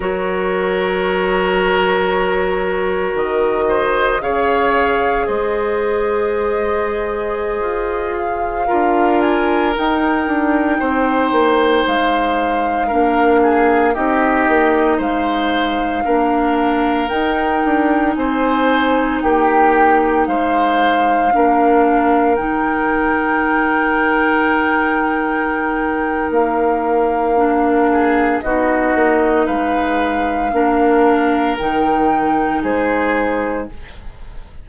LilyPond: <<
  \new Staff \with { instrumentName = "flute" } { \time 4/4 \tempo 4 = 57 cis''2. dis''4 | f''4 dis''2~ dis''8. f''16~ | f''8. gis''8 g''2 f''8.~ | f''4~ f''16 dis''4 f''4.~ f''16~ |
f''16 g''4 gis''4 g''4 f''8.~ | f''4~ f''16 g''2~ g''8.~ | g''4 f''2 dis''4 | f''2 g''4 c''4 | }
  \new Staff \with { instrumentName = "oboe" } { \time 4/4 ais'2.~ ais'8 c''8 | cis''4 c''2.~ | c''16 ais'2 c''4.~ c''16~ | c''16 ais'8 gis'8 g'4 c''4 ais'8.~ |
ais'4~ ais'16 c''4 g'4 c''8.~ | c''16 ais'2.~ ais'8.~ | ais'2~ ais'8 gis'8 fis'4 | b'4 ais'2 gis'4 | }
  \new Staff \with { instrumentName = "clarinet" } { \time 4/4 fis'1 | gis'1~ | gis'16 f'4 dis'2~ dis'8.~ | dis'16 d'4 dis'2 d'8.~ |
d'16 dis'2.~ dis'8.~ | dis'16 d'4 dis'2~ dis'8.~ | dis'2 d'4 dis'4~ | dis'4 d'4 dis'2 | }
  \new Staff \with { instrumentName = "bassoon" } { \time 4/4 fis2. dis4 | cis4 gis2~ gis16 f'8.~ | f'16 d'4 dis'8 d'8 c'8 ais8 gis8.~ | gis16 ais4 c'8 ais8 gis4 ais8.~ |
ais16 dis'8 d'8 c'4 ais4 gis8.~ | gis16 ais4 dis2~ dis8.~ | dis4 ais2 b8 ais8 | gis4 ais4 dis4 gis4 | }
>>